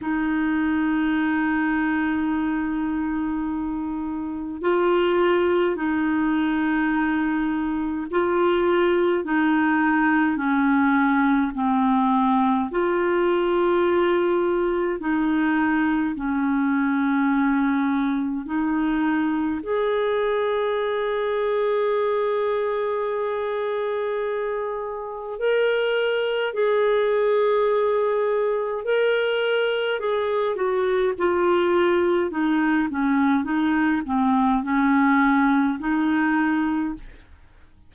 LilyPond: \new Staff \with { instrumentName = "clarinet" } { \time 4/4 \tempo 4 = 52 dis'1 | f'4 dis'2 f'4 | dis'4 cis'4 c'4 f'4~ | f'4 dis'4 cis'2 |
dis'4 gis'2.~ | gis'2 ais'4 gis'4~ | gis'4 ais'4 gis'8 fis'8 f'4 | dis'8 cis'8 dis'8 c'8 cis'4 dis'4 | }